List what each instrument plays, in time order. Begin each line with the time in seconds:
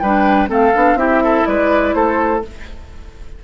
0.00 bassoon G3, clarinet D4, oboe B4, flute G5
0.48 bassoon A3, clarinet C4, oboe A4, flute F5
0.75 bassoon B3, clarinet D4
0.95 bassoon C4, clarinet E4, oboe G4, flute E5
1.24 oboe A4
1.46 bassoon G#3, oboe B4, flute D5
1.94 bassoon A3, oboe A4, flute C5